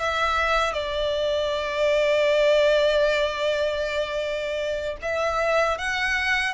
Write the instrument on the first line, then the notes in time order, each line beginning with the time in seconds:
violin
0.00 E5
0.74 D5
5.03 E5
5.79 F#5